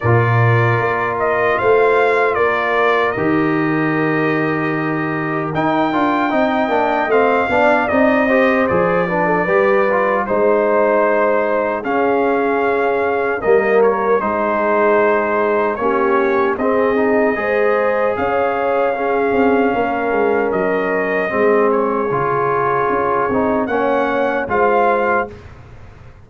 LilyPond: <<
  \new Staff \with { instrumentName = "trumpet" } { \time 4/4 \tempo 4 = 76 d''4. dis''8 f''4 d''4 | dis''2. g''4~ | g''4 f''4 dis''4 d''4~ | d''4 c''2 f''4~ |
f''4 dis''8 cis''8 c''2 | cis''4 dis''2 f''4~ | f''2 dis''4. cis''8~ | cis''2 fis''4 f''4 | }
  \new Staff \with { instrumentName = "horn" } { \time 4/4 ais'2 c''4 ais'4~ | ais'1 | dis''4. d''4 c''4 b'16 a'16 | b'4 c''2 gis'4~ |
gis'4 ais'4 gis'2 | g'4 gis'4 c''4 cis''4 | gis'4 ais'2 gis'4~ | gis'2 cis''4 c''4 | }
  \new Staff \with { instrumentName = "trombone" } { \time 4/4 f'1 | g'2. dis'8 f'8 | dis'8 d'8 c'8 d'8 dis'8 g'8 gis'8 d'8 | g'8 f'8 dis'2 cis'4~ |
cis'4 ais4 dis'2 | cis'4 c'8 dis'8 gis'2 | cis'2. c'4 | f'4. dis'8 cis'4 f'4 | }
  \new Staff \with { instrumentName = "tuba" } { \time 4/4 ais,4 ais4 a4 ais4 | dis2. dis'8 d'8 | c'8 ais8 a8 b8 c'4 f4 | g4 gis2 cis'4~ |
cis'4 g4 gis2 | ais4 c'4 gis4 cis'4~ | cis'8 c'8 ais8 gis8 fis4 gis4 | cis4 cis'8 c'8 ais4 gis4 | }
>>